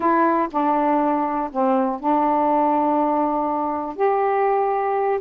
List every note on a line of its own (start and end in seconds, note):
0.00 0.48 E4
0.51 1.50 D4
1.51 2.00 C4
2.00 3.95 D4
3.95 5.19 G4